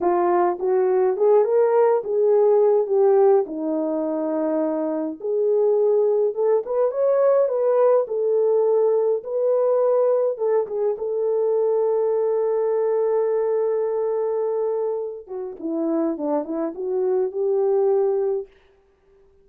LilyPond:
\new Staff \with { instrumentName = "horn" } { \time 4/4 \tempo 4 = 104 f'4 fis'4 gis'8 ais'4 gis'8~ | gis'4 g'4 dis'2~ | dis'4 gis'2 a'8 b'8 | cis''4 b'4 a'2 |
b'2 a'8 gis'8 a'4~ | a'1~ | a'2~ a'8 fis'8 e'4 | d'8 e'8 fis'4 g'2 | }